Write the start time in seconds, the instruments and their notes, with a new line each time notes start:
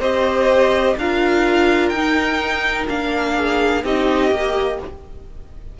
0.00 cello C4, viola G4, violin C5 D#5
0.98 cello D4, viola F4, violin A#4 F5
1.89 cello D#4, viola D#4, violin G5
2.88 cello A#3, viola D4, violin F5
3.36 violin G#4
3.84 cello C4, viola D#4, violin G4 D#5
4.31 cello A#3, viola G4